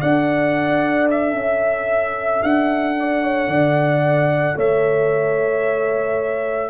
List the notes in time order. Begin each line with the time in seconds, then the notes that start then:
0.00 D4 A4 D5 F#5
1.10 E5
1.34 C#4 E5
2.43 D4 F#5
2.99 D5
3.23 C#5
3.48 D3 D5
4.56 A3 C#5 E5